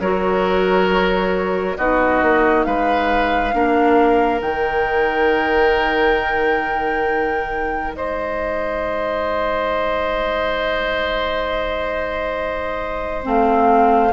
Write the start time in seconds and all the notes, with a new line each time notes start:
0.00 F#3 F#4 A#4 C#5
1.77 B3 D#4 F#4 D#5
2.22 A#3
2.64 G#3 B4 F5
3.53 A#3 D4 A#4
4.40 D#3 D#4 G5
7.94 G#3 C5 D#5
13.23 A3 C4 F5